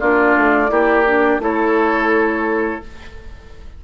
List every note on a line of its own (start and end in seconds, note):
0.00 0.36 A#3
0.00 0.69 D4
0.00 0.71 F4
0.00 1.41 D5
0.37 0.70 A3
0.69 1.39 A#3
0.69 1.04 E4
0.69 1.42 G4
1.06 1.40 D4
1.39 2.80 A3
1.39 2.82 E4
1.39 2.85 A4
1.39 2.84 C#5